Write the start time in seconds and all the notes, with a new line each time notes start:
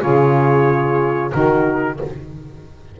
0.00 C#3 F4 G#4 C#5
1.32 D#3 D#4 F#4 A#4